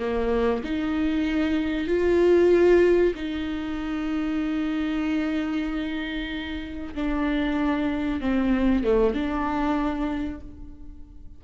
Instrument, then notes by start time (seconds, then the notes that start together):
viola
0.00 A#3
0.64 D#4
1.88 F4
3.16 D#4
6.95 D4
8.21 C4
8.84 A3
9.15 D4